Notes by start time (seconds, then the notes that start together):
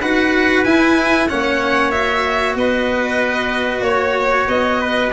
0.00 D#4 F#4 B4 F#5
0.64 E4 G#5
1.28 A#3 C#4 C#5 F#5
1.91 F#4 E5
2.55 B3 B4 D#5
3.81 A#3 C#5
3.87 C#5
4.48 B3 D#5
4.80 B4